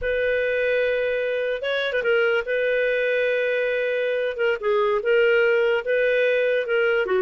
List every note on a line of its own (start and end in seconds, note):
0.01 1.62 B4
1.62 1.92 C#5
1.92 2.03 B4
2.03 2.44 A#4
2.45 4.37 B4
4.37 4.57 A#4
4.60 5.01 G#4
5.02 5.84 A#4
5.84 6.66 B4
6.66 7.05 A#4
7.05 7.22 F#4